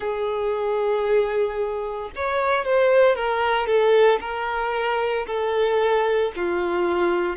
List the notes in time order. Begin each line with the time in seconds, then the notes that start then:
0.00 G#4
2.15 C#5
2.64 C5
3.15 A#4
3.66 A4
4.20 A#4
5.26 A4
6.35 F4